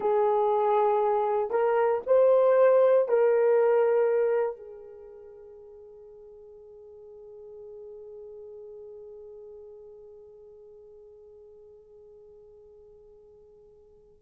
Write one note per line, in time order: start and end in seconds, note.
0.00 1.50 G#4
1.50 2.01 A#4
2.06 3.08 C5
3.08 4.56 A#4
4.56 14.22 G#4